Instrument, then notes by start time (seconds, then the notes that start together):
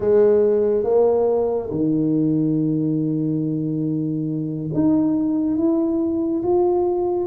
tuba
0.00 G#3
0.83 A#3
1.70 D#3
4.74 D#4
5.57 E4
6.43 F4